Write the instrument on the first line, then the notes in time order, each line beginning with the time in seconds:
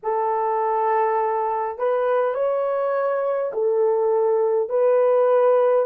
horn
0.02 A4
1.78 B4
2.34 C#5
3.53 A4
4.68 B4